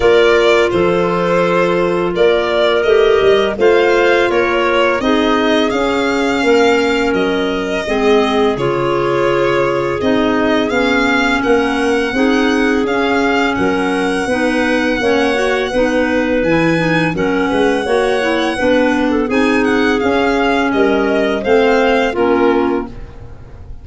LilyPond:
<<
  \new Staff \with { instrumentName = "violin" } { \time 4/4 \tempo 4 = 84 d''4 c''2 d''4 | dis''4 f''4 cis''4 dis''4 | f''2 dis''2 | cis''2 dis''4 f''4 |
fis''2 f''4 fis''4~ | fis''2. gis''4 | fis''2. gis''8 fis''8 | f''4 dis''4 f''4 ais'4 | }
  \new Staff \with { instrumentName = "clarinet" } { \time 4/4 ais'4 a'2 ais'4~ | ais'4 c''4 ais'4 gis'4~ | gis'4 ais'2 gis'4~ | gis'1 |
ais'4 gis'2 ais'4 | b'4 cis''4 b'2 | ais'8 b'8 cis''4 b'8. a'16 gis'4~ | gis'4 ais'4 c''4 f'4 | }
  \new Staff \with { instrumentName = "clarinet" } { \time 4/4 f'1 | g'4 f'2 dis'4 | cis'2. c'4 | f'2 dis'4 cis'4~ |
cis'4 dis'4 cis'2 | dis'4 cis'8 fis'8 dis'4 e'8 dis'8 | cis'4 fis'8 e'8 d'4 dis'4 | cis'2 c'4 cis'4 | }
  \new Staff \with { instrumentName = "tuba" } { \time 4/4 ais4 f2 ais4 | a8 g8 a4 ais4 c'4 | cis'4 ais4 fis4 gis4 | cis2 c'4 b4 |
ais4 c'4 cis'4 fis4 | b4 ais4 b4 e4 | fis8 gis8 ais4 b4 c'4 | cis'4 g4 a4 ais4 | }
>>